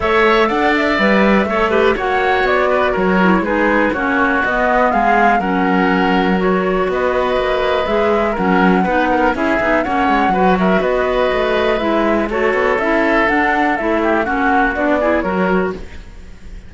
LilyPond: <<
  \new Staff \with { instrumentName = "flute" } { \time 4/4 \tempo 4 = 122 e''4 fis''8 e''2~ e''8 | fis''4 d''4 cis''4 b'4 | cis''4 dis''4 f''4 fis''4~ | fis''4 cis''4 dis''2 |
e''4 fis''2 e''4 | fis''4. e''8 dis''2 | e''4 cis''4 e''4 fis''4 | e''4 fis''4 d''4 cis''4 | }
  \new Staff \with { instrumentName = "oboe" } { \time 4/4 cis''4 d''2 cis''8 b'8 | cis''4. b'8 ais'4 gis'4 | fis'2 gis'4 ais'4~ | ais'2 b'2~ |
b'4 ais'4 b'8 ais'8 gis'4 | cis''4 b'8 ais'8 b'2~ | b'4 a'2.~ | a'8 g'8 fis'4. gis'8 ais'4 | }
  \new Staff \with { instrumentName = "clarinet" } { \time 4/4 a'2 b'4 a'8 g'8 | fis'2~ fis'8 e'8 dis'4 | cis'4 b2 cis'4~ | cis'4 fis'2. |
gis'4 cis'4 dis'4 e'8 dis'8 | cis'4 fis'2. | e'4 fis'4 e'4 d'4 | e'4 cis'4 d'8 e'8 fis'4 | }
  \new Staff \with { instrumentName = "cello" } { \time 4/4 a4 d'4 g4 a4 | ais4 b4 fis4 gis4 | ais4 b4 gis4 fis4~ | fis2 b4 ais4 |
gis4 fis4 b4 cis'8 b8 | ais8 gis8 fis4 b4 a4 | gis4 a8 b8 cis'4 d'4 | a4 ais4 b4 fis4 | }
>>